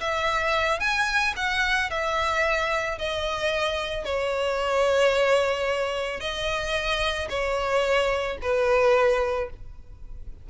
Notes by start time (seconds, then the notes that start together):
0.00 E5
0.79 G#5
1.36 F#5
1.90 E5
2.98 D#5
4.04 C#5
6.20 D#5
7.29 C#5
8.42 B4